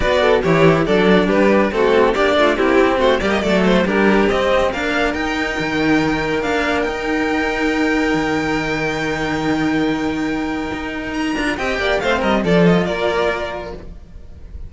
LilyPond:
<<
  \new Staff \with { instrumentName = "violin" } { \time 4/4 \tempo 4 = 140 d''4 cis''4 d''4 b'4 | a'4 d''4 g'4 c''8 d''16 dis''16 | d''8 c''8 ais'4 dis''4 f''4 | g''2. f''4 |
g''1~ | g''1~ | g''2 ais''4 g''4 | f''8 dis''8 d''8 dis''8 d''2 | }
  \new Staff \with { instrumentName = "violin" } { \time 4/4 b'8 a'8 g'4 a'4 g'4 | fis'4 g'8 f'8 e'4 fis'8 g'8 | a'4 g'2 ais'4~ | ais'1~ |
ais'1~ | ais'1~ | ais'2. dis''8 d''8 | c''8 ais'8 a'4 ais'2 | }
  \new Staff \with { instrumentName = "cello" } { \time 4/4 fis'4 e'4 d'2 | c'4 d'4 c'4. ais8 | a4 d'4 c'4 d'4 | dis'2. d'4 |
dis'1~ | dis'1~ | dis'2~ dis'8 f'8 g'4 | c'4 f'2. | }
  \new Staff \with { instrumentName = "cello" } { \time 4/4 b4 e4 fis4 g4 | a4 ais8 a8 ais8 c'8 a8 g8 | fis4 g4 c'4 ais4 | dis'4 dis2 ais4 |
dis'2. dis4~ | dis1~ | dis4 dis'4. d'8 c'8 ais8 | a8 g8 f4 ais2 | }
>>